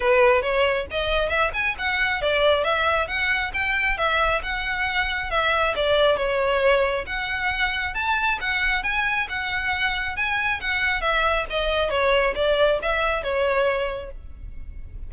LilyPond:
\new Staff \with { instrumentName = "violin" } { \time 4/4 \tempo 4 = 136 b'4 cis''4 dis''4 e''8 gis''8 | fis''4 d''4 e''4 fis''4 | g''4 e''4 fis''2 | e''4 d''4 cis''2 |
fis''2 a''4 fis''4 | gis''4 fis''2 gis''4 | fis''4 e''4 dis''4 cis''4 | d''4 e''4 cis''2 | }